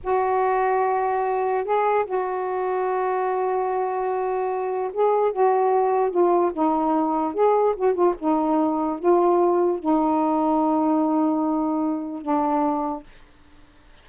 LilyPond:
\new Staff \with { instrumentName = "saxophone" } { \time 4/4 \tempo 4 = 147 fis'1 | gis'4 fis'2.~ | fis'1 | gis'4 fis'2 f'4 |
dis'2 gis'4 fis'8 f'8 | dis'2 f'2 | dis'1~ | dis'2 d'2 | }